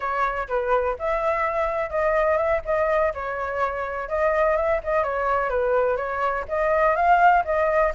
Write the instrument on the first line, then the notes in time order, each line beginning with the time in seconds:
flute
0.00 C#5
0.48 B4
0.98 E5
1.90 D#5
2.37 E5
2.65 D#5
3.14 C#5
4.08 D#5
4.56 E5
4.83 D#5
5.03 C#5
5.49 B4
5.97 C#5
6.48 D#5
6.95 F5
7.44 D#5